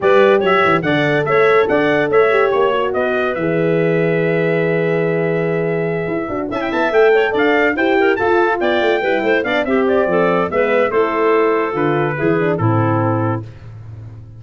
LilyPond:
<<
  \new Staff \with { instrumentName = "trumpet" } { \time 4/4 \tempo 4 = 143 d''4 e''4 fis''4 e''4 | fis''4 e''4 cis''4 dis''4 | e''1~ | e''2.~ e''8 a''16 g''16 |
a''8 g''4 f''4 g''4 a''8~ | a''8 g''2 f''8 e''8 d''8~ | d''4 e''4 c''2 | b'2 a'2 | }
  \new Staff \with { instrumentName = "clarinet" } { \time 4/4 b'4 cis''4 d''4 cis''4 | d''4 cis''2 b'4~ | b'1~ | b'2.~ b'8 e''8~ |
e''4 cis''8 d''4 c''8 ais'8 a'8~ | a'8 d''4 b'8 c''8 d''8 g'4 | a'4 b'4 a'2~ | a'4 gis'4 e'2 | }
  \new Staff \with { instrumentName = "horn" } { \time 4/4 g'2 a'2~ | a'4. g'4 fis'4. | gis'1~ | gis'2. fis'8 e'8~ |
e'8 a'2 g'4 f'8~ | f'4. e'4 d'8 c'4~ | c'4 b4 e'2 | f'4 e'8 d'8 c'2 | }
  \new Staff \with { instrumentName = "tuba" } { \time 4/4 g4 fis8 e8 d4 a4 | d'4 a4 ais4 b4 | e1~ | e2~ e8 e'8 d'8 cis'8 |
b8 a4 d'4 e'4 f'8~ | f'8 b8 a8 g8 a8 b8 c'4 | f4 gis4 a2 | d4 e4 a,2 | }
>>